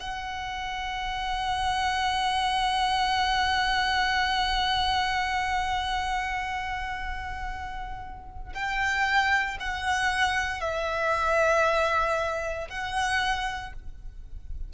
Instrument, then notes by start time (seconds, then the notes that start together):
violin
0.00 F#5
8.54 G5
9.60 F#5
10.61 E5
12.69 F#5